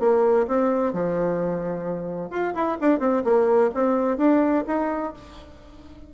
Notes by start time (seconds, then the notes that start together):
0.00 A#3
0.48 C4
0.93 F3
2.30 F4
2.55 E4
2.81 D4
3.00 C4
3.24 A#3
3.74 C4
4.18 D4
4.67 D#4